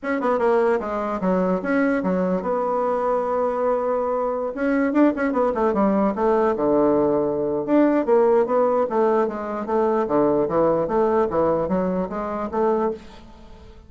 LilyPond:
\new Staff \with { instrumentName = "bassoon" } { \time 4/4 \tempo 4 = 149 cis'8 b8 ais4 gis4 fis4 | cis'4 fis4 b2~ | b2.~ b16 cis'8.~ | cis'16 d'8 cis'8 b8 a8 g4 a8.~ |
a16 d2~ d8. d'4 | ais4 b4 a4 gis4 | a4 d4 e4 a4 | e4 fis4 gis4 a4 | }